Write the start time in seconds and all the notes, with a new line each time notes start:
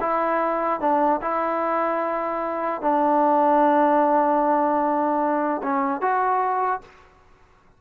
0.00 E4
0.80 D4
1.21 E4
2.81 D4
5.62 C#4
6.01 F#4